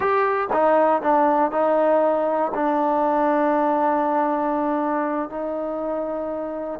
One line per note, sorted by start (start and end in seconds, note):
0.00 0.48 G4
0.52 1.02 D#4
1.02 1.51 D4
1.51 2.52 D#4
2.54 5.29 D4
5.29 6.80 D#4